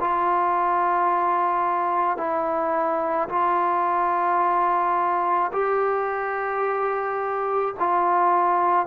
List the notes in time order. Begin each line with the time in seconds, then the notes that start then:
0.00 F4
2.17 E4
3.29 F4
5.53 G4
7.79 F4